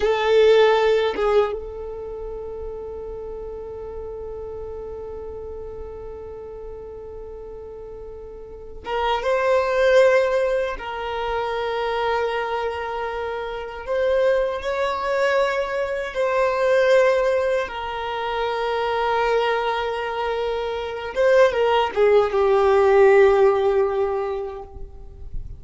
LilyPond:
\new Staff \with { instrumentName = "violin" } { \time 4/4 \tempo 4 = 78 a'4. gis'8 a'2~ | a'1~ | a'2.~ a'8 ais'8 | c''2 ais'2~ |
ais'2 c''4 cis''4~ | cis''4 c''2 ais'4~ | ais'2.~ ais'8 c''8 | ais'8 gis'8 g'2. | }